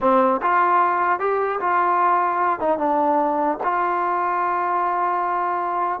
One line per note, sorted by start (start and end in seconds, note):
0.01 0.41 C4
0.42 1.19 F4
1.19 1.59 G4
1.60 2.59 F4
2.59 2.78 D#4
2.78 3.58 D4
3.63 6.00 F4